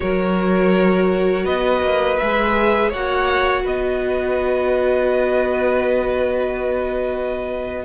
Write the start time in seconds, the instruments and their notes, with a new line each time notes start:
0.00 cello F#3, viola F#4, violin A#4 C#5
1.44 cello B3, violin B4 D#5
1.82 cello A#3
2.18 cello G#3, viola G#4, violin E5
2.89 cello A#3, viola F#4, violin C#5 F#5
3.63 cello B3, violin B4 D#5